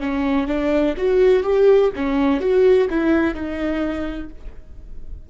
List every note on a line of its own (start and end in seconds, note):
0.00 0.47 C#4
0.47 0.95 D4
0.97 1.43 F#4
1.43 1.90 G4
1.95 2.40 C#4
2.40 2.88 F#4
2.90 3.34 E4
3.34 4.29 D#4